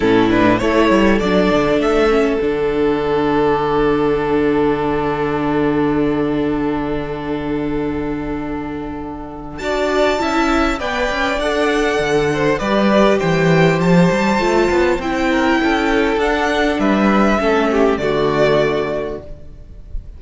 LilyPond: <<
  \new Staff \with { instrumentName = "violin" } { \time 4/4 \tempo 4 = 100 a'8 b'8 cis''4 d''4 e''4 | fis''1~ | fis''1~ | fis''1 |
a''2 g''4 fis''4~ | fis''4 d''4 g''4 a''4~ | a''4 g''2 fis''4 | e''2 d''2 | }
  \new Staff \with { instrumentName = "violin" } { \time 4/4 e'4 a'2.~ | a'1~ | a'1~ | a'1 |
d''4 e''4 d''2~ | d''8 c''8 b'4 c''2~ | c''4. ais'8 a'2 | b'4 a'8 g'8 fis'2 | }
  \new Staff \with { instrumentName = "viola" } { \time 4/4 cis'8 d'8 e'4 d'4. cis'8 | d'1~ | d'1~ | d'1 |
fis'4 e'4 b'4 a'4~ | a'4 g'2. | f'4 e'2 d'4~ | d'4 cis'4 a2 | }
  \new Staff \with { instrumentName = "cello" } { \time 4/4 a,4 a8 g8 fis8 d8 a4 | d1~ | d1~ | d1 |
d'4 cis'4 b8 cis'8 d'4 | d4 g4 e4 f8 g8 | a8 b8 c'4 cis'4 d'4 | g4 a4 d2 | }
>>